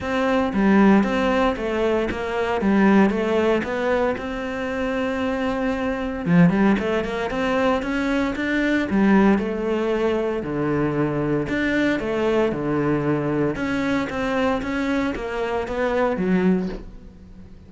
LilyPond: \new Staff \with { instrumentName = "cello" } { \time 4/4 \tempo 4 = 115 c'4 g4 c'4 a4 | ais4 g4 a4 b4 | c'1 | f8 g8 a8 ais8 c'4 cis'4 |
d'4 g4 a2 | d2 d'4 a4 | d2 cis'4 c'4 | cis'4 ais4 b4 fis4 | }